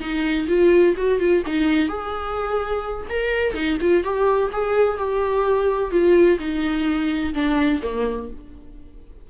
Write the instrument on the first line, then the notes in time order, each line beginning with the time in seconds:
viola
0.00 D#4
0.48 F4
0.96 F#4
1.19 F4
1.46 D#4
1.88 G#4
3.09 A#4
3.54 D#4
3.81 F4
4.03 G4
4.52 G#4
4.97 G4
5.91 F4
6.39 D#4
7.34 D4
7.82 A#3